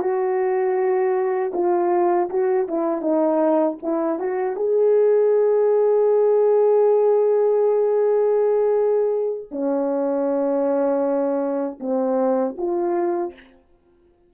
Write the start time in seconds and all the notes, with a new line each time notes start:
0.00 F#4
1.54 F4
2.30 F#4
2.68 E4
3.02 D#4
3.83 E4
4.19 F#4
4.56 G#4
9.51 C#4
11.80 C4
12.58 F4